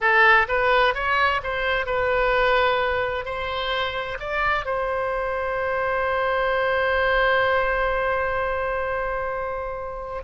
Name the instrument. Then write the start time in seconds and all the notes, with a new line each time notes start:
oboe
0.00 A4
0.48 B4
0.94 C#5
1.43 C5
1.86 B4
3.25 C5
4.19 D5
4.65 C5